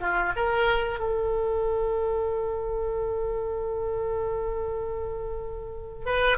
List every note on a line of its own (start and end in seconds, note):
0.00 0.32 F4
0.36 0.99 A#4
0.99 6.05 A4
6.05 6.37 B4